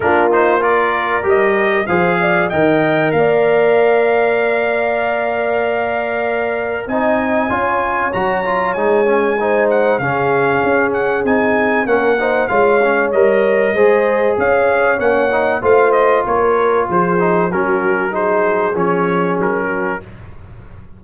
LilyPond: <<
  \new Staff \with { instrumentName = "trumpet" } { \time 4/4 \tempo 4 = 96 ais'8 c''8 d''4 dis''4 f''4 | g''4 f''2.~ | f''2. gis''4~ | gis''4 ais''4 gis''4. fis''8 |
f''4. fis''8 gis''4 fis''4 | f''4 dis''2 f''4 | fis''4 f''8 dis''8 cis''4 c''4 | ais'4 c''4 cis''4 ais'4 | }
  \new Staff \with { instrumentName = "horn" } { \time 4/4 f'4 ais'2 c''8 d''8 | dis''4 d''2.~ | d''2. dis''4 | cis''2. c''4 |
gis'2. ais'8 c''8 | cis''2 c''4 cis''4~ | cis''4 c''4 ais'4 gis'4 | fis'4 gis'2~ gis'8 fis'8 | }
  \new Staff \with { instrumentName = "trombone" } { \time 4/4 d'8 dis'8 f'4 g'4 gis'4 | ais'1~ | ais'2. dis'4 | f'4 fis'8 f'8 dis'8 cis'8 dis'4 |
cis'2 dis'4 cis'8 dis'8 | f'8 cis'8 ais'4 gis'2 | cis'8 dis'8 f'2~ f'8 dis'8 | cis'4 dis'4 cis'2 | }
  \new Staff \with { instrumentName = "tuba" } { \time 4/4 ais2 g4 f4 | dis4 ais2.~ | ais2. c'4 | cis'4 fis4 gis2 |
cis4 cis'4 c'4 ais4 | gis4 g4 gis4 cis'4 | ais4 a4 ais4 f4 | fis2 f4 fis4 | }
>>